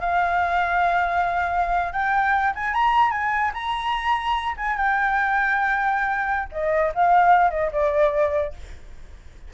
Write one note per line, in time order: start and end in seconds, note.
0.00 1.92 F5
1.92 2.53 G5
2.55 2.73 G#5
2.73 3.11 A#5
3.11 3.51 G#5
3.54 4.55 A#5
4.57 4.76 G#5
4.76 6.49 G5
6.52 6.92 D#5
6.94 7.51 F5
7.51 7.71 D#5
7.72 8.53 D5